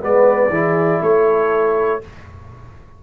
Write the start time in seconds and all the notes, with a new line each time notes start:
0.00 G#3 B3 B4 D5
0.49 E3 E4 G#4
1.01 A3 A4 C#5